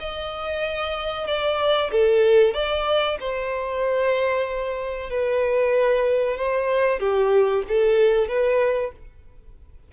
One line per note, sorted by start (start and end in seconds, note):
0.00 1.27 D#5
1.27 1.91 D5
1.92 2.54 A4
2.54 3.18 D5
3.20 5.10 C5
5.10 6.38 B4
6.38 7.00 C5
7.00 7.64 G4
7.69 8.28 A4
8.28 8.92 B4